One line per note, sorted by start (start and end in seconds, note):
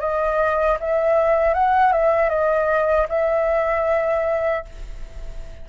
0.00 0.78 D#5
0.80 1.54 E5
1.54 1.92 F#5
1.92 2.29 E5
2.29 3.07 D#5
3.09 4.65 E5